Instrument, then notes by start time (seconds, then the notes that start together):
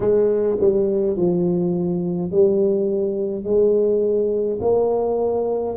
tuba
0.00 G#3
0.60 G3
1.16 F3
2.31 G3
3.44 G#3
4.61 A#3